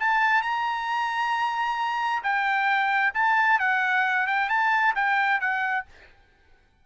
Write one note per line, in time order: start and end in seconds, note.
0.00 0.43 A5
0.43 2.23 A#5
2.24 3.14 G5
3.15 3.60 A5
3.60 4.27 F#5
4.27 4.50 G5
4.50 4.95 A5
4.96 5.41 G5
5.41 5.86 F#5